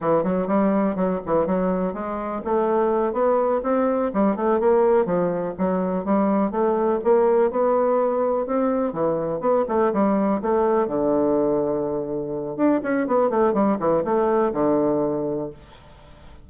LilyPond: \new Staff \with { instrumentName = "bassoon" } { \time 4/4 \tempo 4 = 124 e8 fis8 g4 fis8 e8 fis4 | gis4 a4. b4 c'8~ | c'8 g8 a8 ais4 f4 fis8~ | fis8 g4 a4 ais4 b8~ |
b4. c'4 e4 b8 | a8 g4 a4 d4.~ | d2 d'8 cis'8 b8 a8 | g8 e8 a4 d2 | }